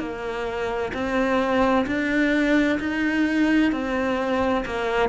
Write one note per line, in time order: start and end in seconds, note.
0.00 0.92 A#3
0.94 1.86 C4
1.87 2.79 D4
2.80 3.73 D#4
3.73 4.65 C4
4.66 5.09 A#3